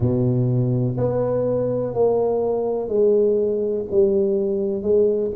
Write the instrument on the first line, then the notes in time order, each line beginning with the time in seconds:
tuba
0.00 B2
0.97 B3
1.94 A#3
2.88 G#3
3.91 G3
4.82 G#3